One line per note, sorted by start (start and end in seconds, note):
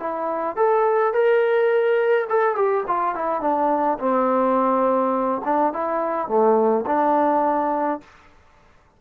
0.00 0.56 E4
0.56 1.14 A4
1.14 2.28 A#4
2.30 2.56 A4
2.56 2.84 G4
2.88 3.15 F4
3.15 3.41 E4
3.41 3.98 D4
3.99 5.42 C4
5.45 5.73 D4
5.73 6.28 E4
6.28 6.85 A3
6.86 8.01 D4